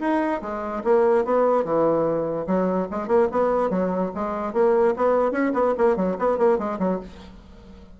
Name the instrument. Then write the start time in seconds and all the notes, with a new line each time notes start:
bassoon
0.00 D#4
0.42 G#3
0.84 A#3
1.25 B3
1.64 E3
2.47 F#3
2.91 G#3
3.07 A#3
3.31 B3
3.70 F#3
4.15 G#3
4.53 A#3
4.96 B3
5.32 C#4
5.53 B3
5.78 A#3
5.96 F#3
6.19 B3
6.38 A#3
6.58 G#3
6.79 F#3